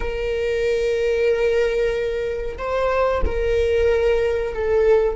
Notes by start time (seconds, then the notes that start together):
0.00 A#4
2.58 C5
3.25 A#4
4.54 A4